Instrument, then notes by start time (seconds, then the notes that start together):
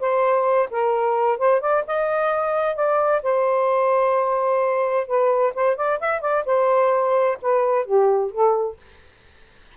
saxophone
0.00 C5
0.71 A#4
1.38 C5
1.61 D5
1.87 D#5
2.76 D5
3.23 C5
5.07 B4
5.55 C5
5.77 D5
6.00 E5
6.21 D5
6.46 C5
7.42 B4
7.85 G4
8.31 A4